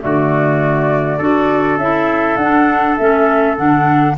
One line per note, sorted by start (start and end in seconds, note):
0.00 1.19 D3
0.00 1.19 A3
0.00 1.18 F#4
0.00 1.79 D5
1.18 1.76 D4
1.18 1.80 F#4
1.18 4.15 A4
1.76 2.36 C#4
1.76 2.40 E4
1.76 2.36 E5
2.36 2.96 D4
2.36 2.99 D4
2.36 2.96 F#5
2.97 3.59 A3
2.97 3.57 C#4
2.97 3.56 E5
3.57 4.18 D3
3.57 4.16 D4
3.57 4.16 F#5